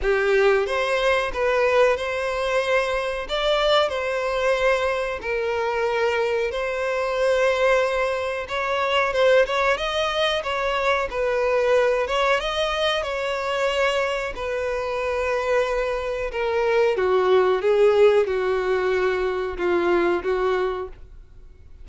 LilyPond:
\new Staff \with { instrumentName = "violin" } { \time 4/4 \tempo 4 = 92 g'4 c''4 b'4 c''4~ | c''4 d''4 c''2 | ais'2 c''2~ | c''4 cis''4 c''8 cis''8 dis''4 |
cis''4 b'4. cis''8 dis''4 | cis''2 b'2~ | b'4 ais'4 fis'4 gis'4 | fis'2 f'4 fis'4 | }